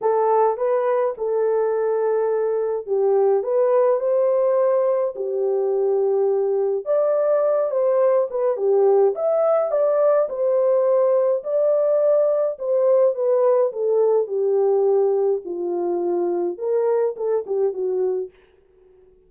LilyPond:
\new Staff \with { instrumentName = "horn" } { \time 4/4 \tempo 4 = 105 a'4 b'4 a'2~ | a'4 g'4 b'4 c''4~ | c''4 g'2. | d''4. c''4 b'8 g'4 |
e''4 d''4 c''2 | d''2 c''4 b'4 | a'4 g'2 f'4~ | f'4 ais'4 a'8 g'8 fis'4 | }